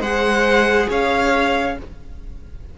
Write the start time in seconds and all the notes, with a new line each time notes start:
0.00 G#3 G#4 C5 F#5
0.90 C#4 C#5 F5